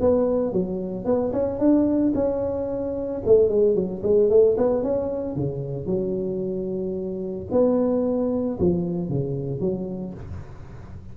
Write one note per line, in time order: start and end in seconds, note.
0.00 0.53 B3
0.53 1.05 F#3
1.05 1.32 B3
1.32 1.59 C#4
1.59 2.13 D4
2.15 3.22 C#4
3.26 3.49 A3
3.49 3.75 G#3
3.75 4.02 F#3
4.03 4.30 G#3
4.30 4.57 A3
4.57 4.83 B3
4.83 5.35 C#4
5.35 5.86 C#3
5.86 7.47 F#3
7.51 8.58 B3
8.59 9.09 F3
9.09 9.60 C#3
9.60 10.14 F#3